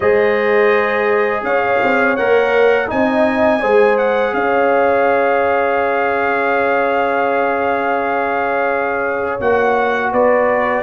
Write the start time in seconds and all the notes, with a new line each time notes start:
0.00 G#3 G#4 C5 D#5
1.42 C#4 C#5 F5
1.83 C4
2.16 A#3 A#4 F#5
2.87 C4 D#4 D#5 G#5
3.61 G#3 G#4 C5
3.98 F#5
4.33 C#4 C#5 F5
9.40 A#3 F#4 F#5
10.12 B3 B4 D5